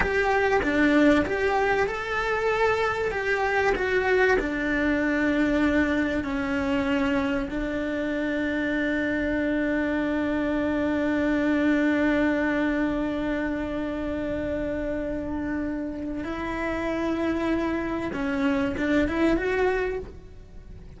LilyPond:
\new Staff \with { instrumentName = "cello" } { \time 4/4 \tempo 4 = 96 g'4 d'4 g'4 a'4~ | a'4 g'4 fis'4 d'4~ | d'2 cis'2 | d'1~ |
d'1~ | d'1~ | d'2 e'2~ | e'4 cis'4 d'8 e'8 fis'4 | }